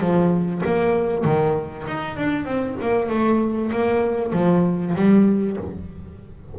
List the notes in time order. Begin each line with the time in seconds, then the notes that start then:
0.00 F3
0.65 A#3
1.24 D#3
1.87 D#4
2.16 D4
2.45 C4
2.81 A#3
3.09 A3
3.72 A#3
4.32 F3
4.95 G3